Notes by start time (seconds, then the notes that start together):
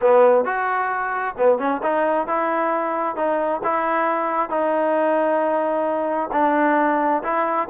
0.01 B3
0.44 F#4
1.37 B3
1.58 C#4
1.83 D#4
2.27 E4
3.16 D#4
3.63 E4
4.49 D#4
6.32 D4
7.23 E4